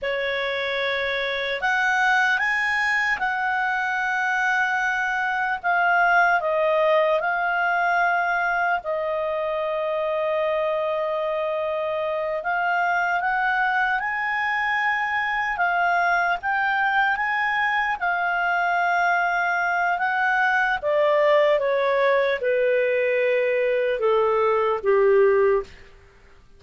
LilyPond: \new Staff \with { instrumentName = "clarinet" } { \time 4/4 \tempo 4 = 75 cis''2 fis''4 gis''4 | fis''2. f''4 | dis''4 f''2 dis''4~ | dis''2.~ dis''8 f''8~ |
f''8 fis''4 gis''2 f''8~ | f''8 g''4 gis''4 f''4.~ | f''4 fis''4 d''4 cis''4 | b'2 a'4 g'4 | }